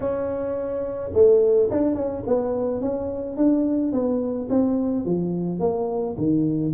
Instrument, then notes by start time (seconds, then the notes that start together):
tuba
0.00 C#4
1.13 A3
1.70 D4
1.94 C#4
2.27 B3
2.81 C#4
3.36 D4
3.92 B3
4.49 C4
5.05 F3
5.59 A#3
6.17 D#3